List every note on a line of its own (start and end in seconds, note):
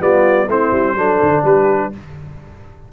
0.00 0.48 G3
0.00 0.48 B3
0.00 0.48 F4
0.00 0.50 D5
0.48 0.72 A3
0.48 0.98 C4
0.48 0.97 E4
0.48 1.45 C5
0.72 0.95 G3
0.95 1.19 F#3
0.95 1.93 D4
0.95 1.44 A4
1.23 1.44 D3
1.44 1.92 G3
1.44 1.92 G4
1.44 1.93 B4